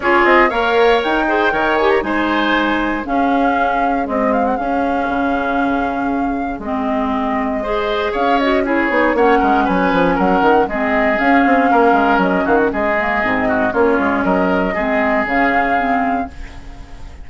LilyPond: <<
  \new Staff \with { instrumentName = "flute" } { \time 4/4 \tempo 4 = 118 cis''8 dis''8 f''4 g''4. gis''16 ais''16 | gis''2 f''2 | dis''8 f''16 fis''16 f''2.~ | f''4 dis''2. |
f''8 dis''8 cis''4 fis''4 gis''4 | fis''4 dis''4 f''2 | dis''8 f''16 fis''16 dis''2 cis''4 | dis''2 f''2 | }
  \new Staff \with { instrumentName = "oboe" } { \time 4/4 gis'4 cis''4. c''8 cis''4 | c''2 gis'2~ | gis'1~ | gis'2. c''4 |
cis''4 gis'4 cis''8 ais'8 b'4 | ais'4 gis'2 ais'4~ | ais'8 fis'8 gis'4. fis'8 f'4 | ais'4 gis'2. | }
  \new Staff \with { instrumentName = "clarinet" } { \time 4/4 f'4 ais'4. gis'8 ais'8 g'8 | dis'2 cis'2 | gis4 cis'2.~ | cis'4 c'2 gis'4~ |
gis'8 fis'8 e'8 dis'8 cis'2~ | cis'4 c'4 cis'2~ | cis'4. ais8 c'4 cis'4~ | cis'4 c'4 cis'4 c'4 | }
  \new Staff \with { instrumentName = "bassoon" } { \time 4/4 cis'8 c'8 ais4 dis'4 dis4 | gis2 cis'2 | c'4 cis'4 cis2~ | cis4 gis2. |
cis'4. b8 ais8 gis8 fis8 f8 | fis8 dis8 gis4 cis'8 c'8 ais8 gis8 | fis8 dis8 gis4 gis,4 ais8 gis8 | fis4 gis4 cis2 | }
>>